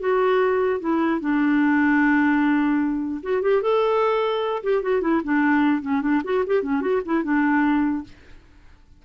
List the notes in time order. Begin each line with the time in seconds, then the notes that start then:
0.00 F#4
0.80 E4
1.21 D4
3.23 F#4
3.42 G4
3.62 A4
4.63 G4
4.83 F#4
5.02 E4
5.24 D4
5.82 C#4
6.02 D4
6.25 F#4
6.47 G4
6.63 C#4
6.82 F#4
7.06 E4
7.24 D4